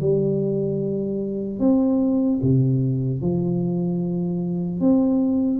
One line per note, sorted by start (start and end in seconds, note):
0.00 1.59 G3
1.59 2.39 C4
2.42 3.21 C3
3.21 4.80 F3
4.80 5.60 C4